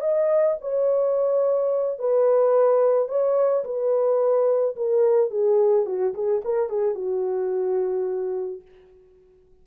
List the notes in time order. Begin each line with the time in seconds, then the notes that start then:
0.00 D#5
0.61 C#5
1.99 B4
3.08 C#5
3.64 B4
4.76 A#4
5.30 G#4
5.86 F#4
6.14 G#4
6.44 A#4
6.69 G#4
6.95 F#4